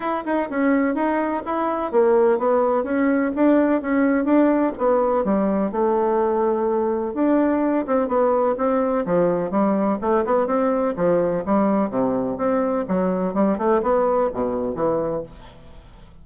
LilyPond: \new Staff \with { instrumentName = "bassoon" } { \time 4/4 \tempo 4 = 126 e'8 dis'8 cis'4 dis'4 e'4 | ais4 b4 cis'4 d'4 | cis'4 d'4 b4 g4 | a2. d'4~ |
d'8 c'8 b4 c'4 f4 | g4 a8 b8 c'4 f4 | g4 c4 c'4 fis4 | g8 a8 b4 b,4 e4 | }